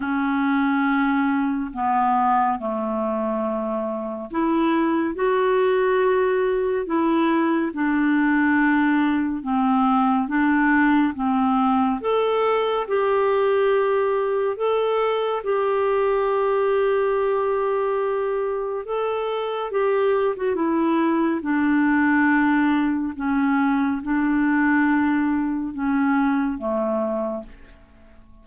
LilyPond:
\new Staff \with { instrumentName = "clarinet" } { \time 4/4 \tempo 4 = 70 cis'2 b4 a4~ | a4 e'4 fis'2 | e'4 d'2 c'4 | d'4 c'4 a'4 g'4~ |
g'4 a'4 g'2~ | g'2 a'4 g'8. fis'16 | e'4 d'2 cis'4 | d'2 cis'4 a4 | }